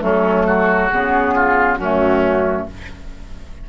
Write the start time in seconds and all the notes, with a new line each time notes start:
0.00 F#3 A3 C#4 A4
0.46 F#4
0.89 C#3 B3 G#4
1.35 F4
1.75 F#2 A3 C#4 F#4